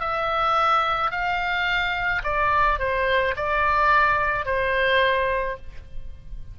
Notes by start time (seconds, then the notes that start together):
0.00 E5
1.11 F5
2.24 D5
2.79 C5
3.36 D5
4.45 C5